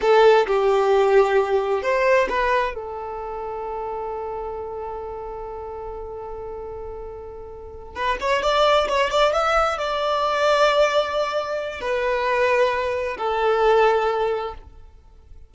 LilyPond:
\new Staff \with { instrumentName = "violin" } { \time 4/4 \tempo 4 = 132 a'4 g'2. | c''4 b'4 a'2~ | a'1~ | a'1~ |
a'4. b'8 cis''8 d''4 cis''8 | d''8 e''4 d''2~ d''8~ | d''2 b'2~ | b'4 a'2. | }